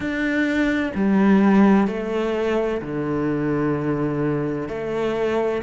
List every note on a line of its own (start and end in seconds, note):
0.00 0.92 D4
0.95 1.87 G3
1.87 2.81 A3
2.81 4.68 D3
4.68 5.62 A3